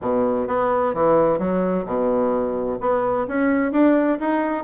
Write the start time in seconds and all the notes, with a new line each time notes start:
0.01 B2
0.47 B3
0.93 E3
1.38 F#3
1.85 B2
2.80 B3
3.27 C#4
3.72 D4
4.19 D#4